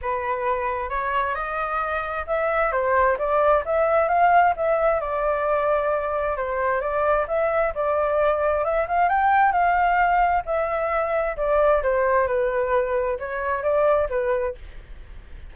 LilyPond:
\new Staff \with { instrumentName = "flute" } { \time 4/4 \tempo 4 = 132 b'2 cis''4 dis''4~ | dis''4 e''4 c''4 d''4 | e''4 f''4 e''4 d''4~ | d''2 c''4 d''4 |
e''4 d''2 e''8 f''8 | g''4 f''2 e''4~ | e''4 d''4 c''4 b'4~ | b'4 cis''4 d''4 b'4 | }